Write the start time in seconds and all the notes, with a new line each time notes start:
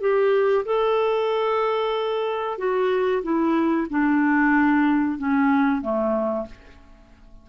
0.00 G4
0.65 A4
2.58 F#4
3.22 E4
3.90 D4
5.18 C#4
5.81 A3